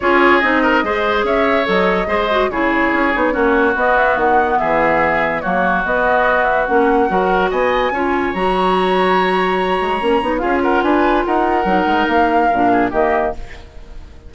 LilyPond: <<
  \new Staff \with { instrumentName = "flute" } { \time 4/4 \tempo 4 = 144 cis''4 dis''2 e''4 | dis''2 cis''2~ | cis''4 dis''8 e''8 fis''4 e''4~ | e''4 cis''4 dis''4. e''8 |
fis''2 gis''2 | ais''1~ | ais''4 f''8 fis''8 gis''4 fis''4~ | fis''4 f''2 dis''4 | }
  \new Staff \with { instrumentName = "oboe" } { \time 4/4 gis'4. ais'8 c''4 cis''4~ | cis''4 c''4 gis'2 | fis'2. gis'4~ | gis'4 fis'2.~ |
fis'4 ais'4 dis''4 cis''4~ | cis''1~ | cis''4 gis'8 ais'8 b'4 ais'4~ | ais'2~ ais'8 gis'8 g'4 | }
  \new Staff \with { instrumentName = "clarinet" } { \time 4/4 f'4 dis'4 gis'2 | a'4 gis'8 fis'8 e'4. dis'8 | cis'4 b2.~ | b4 ais4 b2 |
cis'4 fis'2 f'4 | fis'1 | cis'8 dis'8 f'2. | dis'2 d'4 ais4 | }
  \new Staff \with { instrumentName = "bassoon" } { \time 4/4 cis'4 c'4 gis4 cis'4 | fis4 gis4 cis4 cis'8 b8 | ais4 b4 dis4 e4~ | e4 fis4 b2 |
ais4 fis4 b4 cis'4 | fis2.~ fis8 gis8 | ais8 b8 cis'4 d'4 dis'4 | fis8 gis8 ais4 ais,4 dis4 | }
>>